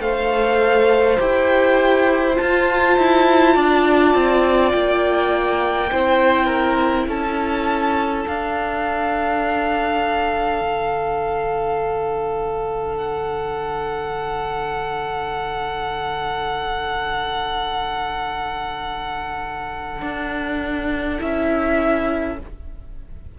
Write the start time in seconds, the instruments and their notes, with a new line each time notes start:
0.00 cello A3, viola A4, violin C5 F5
1.18 cello E4, viola G4, violin G5
2.34 viola F4, violin A5
2.41 cello F4
2.97 cello E4
3.55 cello D4, violin D5
4.14 cello C4
4.71 cello A#3, violin G5
5.91 cello C4, viola E4, violin C5
6.46 violin A#4
7.07 cello C#4, violin A4 A5
8.26 viola D4, cello D4, violin F5
10.61 cello D3
12.97 violin F#5
20.02 cello D4
21.18 cello C#4, viola E4, violin E5